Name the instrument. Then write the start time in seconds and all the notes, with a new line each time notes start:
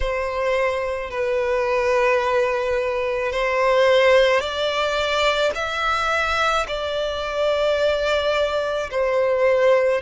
violin
0.00 C5
1.10 B4
3.32 C5
4.40 D5
5.55 E5
6.67 D5
8.90 C5